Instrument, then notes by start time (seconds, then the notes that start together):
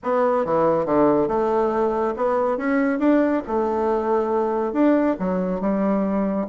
bassoon
0.03 B3
0.45 E3
0.85 D3
1.28 A3
2.16 B3
2.57 C#4
2.99 D4
3.47 A3
4.72 D4
5.19 F#3
5.60 G3